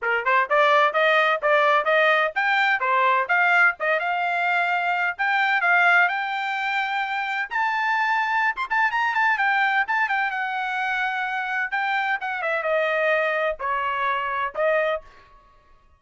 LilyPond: \new Staff \with { instrumentName = "trumpet" } { \time 4/4 \tempo 4 = 128 ais'8 c''8 d''4 dis''4 d''4 | dis''4 g''4 c''4 f''4 | dis''8 f''2~ f''8 g''4 | f''4 g''2. |
a''2~ a''16 c'''16 a''8 ais''8 a''8 | g''4 a''8 g''8 fis''2~ | fis''4 g''4 fis''8 e''8 dis''4~ | dis''4 cis''2 dis''4 | }